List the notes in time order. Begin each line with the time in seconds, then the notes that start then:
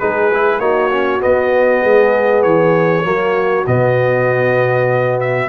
0.00 G#3 D#4 G#4 B4
0.34 E4
0.59 A#3 D#4 F#4 C#5
0.92 C#4
1.20 B3 D#5
1.82 G#3 G#4
2.43 E3 C#5
3.04 F#3 A#3 F#4
3.67 B2 B3 D#5
5.21 E5